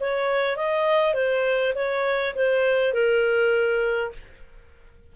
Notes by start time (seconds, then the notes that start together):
0.00 C#5
0.56 D#5
1.14 C5
1.75 C#5
2.35 C5
2.93 A#4